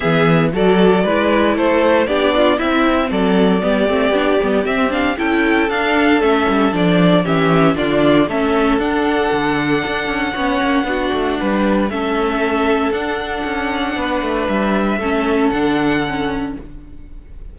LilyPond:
<<
  \new Staff \with { instrumentName = "violin" } { \time 4/4 \tempo 4 = 116 e''4 d''2 c''4 | d''4 e''4 d''2~ | d''4 e''8 f''8 g''4 f''4 | e''4 d''4 e''4 d''4 |
e''4 fis''2.~ | fis''2. e''4~ | e''4 fis''2. | e''2 fis''2 | }
  \new Staff \with { instrumentName = "violin" } { \time 4/4 gis'4 a'4 b'4 a'4 | g'8 f'8 e'4 a'4 g'4~ | g'2 a'2~ | a'2 g'4 f'4 |
a'1 | cis''4 fis'4 b'4 a'4~ | a'2. b'4~ | b'4 a'2. | }
  \new Staff \with { instrumentName = "viola" } { \time 4/4 b4 fis'4 e'2 | d'4 c'2 b8 c'8 | d'8 b8 c'8 d'8 e'4 d'4 | cis'4 d'4 cis'4 d'4 |
cis'4 d'2. | cis'4 d'2 cis'4~ | cis'4 d'2.~ | d'4 cis'4 d'4 cis'4 | }
  \new Staff \with { instrumentName = "cello" } { \time 4/4 e4 fis4 gis4 a4 | b4 c'4 fis4 g8 a8 | b8 g8 c'4 cis'4 d'4 | a8 g8 f4 e4 d4 |
a4 d'4 d4 d'8 cis'8 | b8 ais8 b8 a8 g4 a4~ | a4 d'4 cis'4 b8 a8 | g4 a4 d2 | }
>>